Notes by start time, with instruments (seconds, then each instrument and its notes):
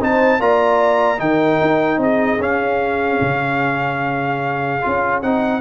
0.00 tuba C4, trombone D#4, horn C5, trumpet A5
0.40 tuba A#3, trombone F4, horn D5, trumpet A#5
1.18 tuba D#3, trombone D#4, horn A#4, trumpet G5
1.61 tuba D#4
1.97 tuba C4, horn G#4, trumpet D#5
2.39 tuba C#4, trombone C#4, trumpet F5
3.21 tuba C#3
4.82 tuba C#4, trombone F4
5.22 tuba C4, trombone D#4, trumpet F#5